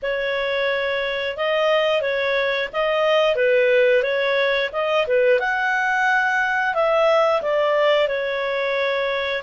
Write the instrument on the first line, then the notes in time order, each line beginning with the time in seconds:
clarinet
0.02 C#5
1.36 D#5
2.01 C#5
2.72 D#5
3.35 B4
4.02 C#5
4.72 D#5
5.07 B4
5.39 F#5
6.74 E5
7.42 D5
8.07 C#5